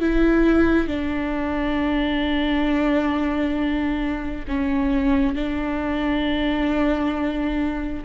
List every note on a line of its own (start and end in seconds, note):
0.00 0.87 E4
0.87 4.45 D4
4.48 5.35 C#4
5.35 8.04 D4